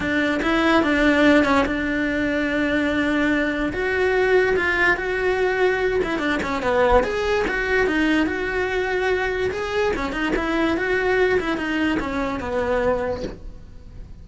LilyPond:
\new Staff \with { instrumentName = "cello" } { \time 4/4 \tempo 4 = 145 d'4 e'4 d'4. cis'8 | d'1~ | d'4 fis'2 f'4 | fis'2~ fis'8 e'8 d'8 cis'8 |
b4 gis'4 fis'4 dis'4 | fis'2. gis'4 | cis'8 dis'8 e'4 fis'4. e'8 | dis'4 cis'4 b2 | }